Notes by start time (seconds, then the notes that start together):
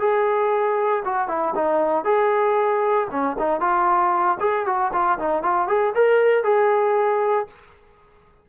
0.00 G#4
1.05 F#4
1.28 E4
1.55 D#4
2.04 G#4
3.11 C#4
3.39 D#4
3.60 F4
4.40 G#4
4.66 F#4
4.93 F4
5.19 D#4
5.43 F4
5.68 G#4
5.95 A#4
6.44 G#4